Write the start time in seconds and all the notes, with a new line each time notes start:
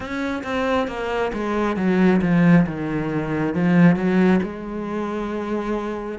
0.00 C#4
0.43 C4
0.87 A#3
1.33 G#3
1.76 F#3
2.21 F3
2.66 D#3
3.54 F3
3.95 F#3
4.42 G#3